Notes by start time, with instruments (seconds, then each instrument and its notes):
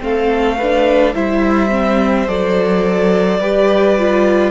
0.00 cello A3, viola C4, violin A4 F5
0.58 viola D4, violin B4
1.14 cello G3, viola E4, violin C5 E5
1.69 viola C4
2.27 cello F#3, viola A4, violin D5
3.39 cello G3, viola G4, violin B4
3.98 viola F4